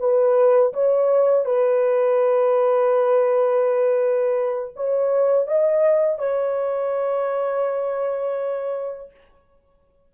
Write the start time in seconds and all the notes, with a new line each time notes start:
0.00 B4
0.74 C#5
1.46 B4
4.77 C#5
5.48 D#5
6.19 C#5